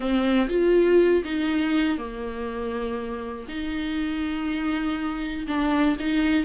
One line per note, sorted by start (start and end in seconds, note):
0.00 0.48 C4
0.48 1.23 F4
1.24 1.98 D#4
1.98 3.46 A#3
3.48 5.46 D#4
5.47 5.97 D4
5.99 6.44 D#4